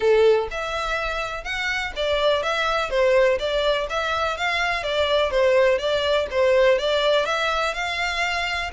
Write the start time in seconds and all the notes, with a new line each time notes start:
0.00 A4
0.51 E5
1.44 F#5
1.96 D5
2.43 E5
2.89 C5
3.39 D5
3.89 E5
4.37 F5
4.83 D5
5.30 C5
5.78 D5
6.30 C5
6.78 D5
7.25 E5
7.74 F5